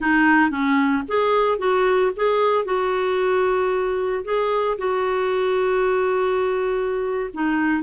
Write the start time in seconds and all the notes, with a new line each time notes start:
0.00 D#4
0.50 C#4
1.08 G#4
1.58 F#4
2.16 G#4
2.65 F#4
4.24 G#4
4.77 F#4
7.33 D#4